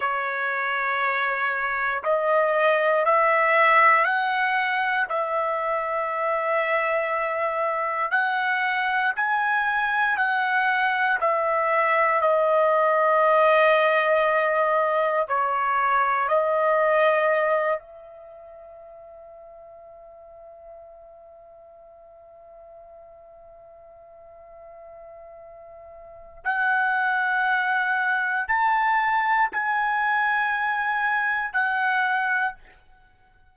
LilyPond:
\new Staff \with { instrumentName = "trumpet" } { \time 4/4 \tempo 4 = 59 cis''2 dis''4 e''4 | fis''4 e''2. | fis''4 gis''4 fis''4 e''4 | dis''2. cis''4 |
dis''4. e''2~ e''8~ | e''1~ | e''2 fis''2 | a''4 gis''2 fis''4 | }